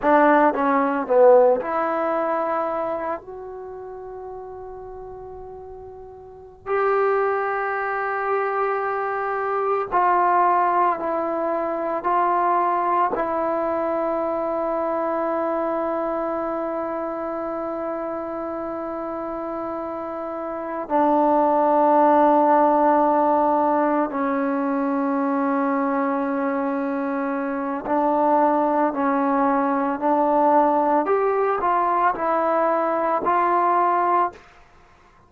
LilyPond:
\new Staff \with { instrumentName = "trombone" } { \time 4/4 \tempo 4 = 56 d'8 cis'8 b8 e'4. fis'4~ | fis'2~ fis'16 g'4.~ g'16~ | g'4~ g'16 f'4 e'4 f'8.~ | f'16 e'2.~ e'8.~ |
e'2.~ e'8 d'8~ | d'2~ d'8 cis'4.~ | cis'2 d'4 cis'4 | d'4 g'8 f'8 e'4 f'4 | }